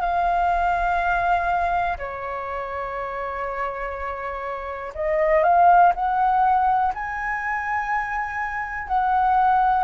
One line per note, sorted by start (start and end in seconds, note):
0.00 1.97 F5
1.98 4.93 C#5
4.94 5.43 D#5
5.43 5.92 F5
5.95 6.93 F#5
6.93 8.87 G#5
8.87 9.84 F#5